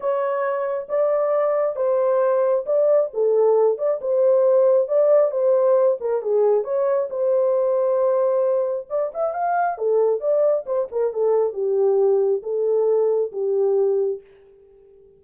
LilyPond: \new Staff \with { instrumentName = "horn" } { \time 4/4 \tempo 4 = 135 cis''2 d''2 | c''2 d''4 a'4~ | a'8 d''8 c''2 d''4 | c''4. ais'8 gis'4 cis''4 |
c''1 | d''8 e''8 f''4 a'4 d''4 | c''8 ais'8 a'4 g'2 | a'2 g'2 | }